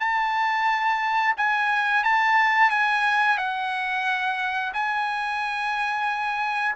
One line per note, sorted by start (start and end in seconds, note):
0.00 1.35 A5
1.37 2.04 G#5
2.04 2.70 A5
2.70 3.38 G#5
3.38 4.73 F#5
4.73 6.76 G#5